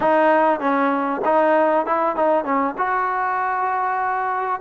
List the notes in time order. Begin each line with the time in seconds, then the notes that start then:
0.00 D#4
0.60 C#4
1.24 D#4
1.85 E4
2.16 D#4
2.44 C#4
2.77 F#4